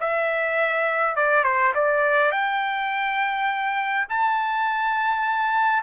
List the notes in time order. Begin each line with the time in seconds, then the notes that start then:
0.00 E5
1.16 D5
1.44 C5
1.74 D5
2.31 G5
4.09 A5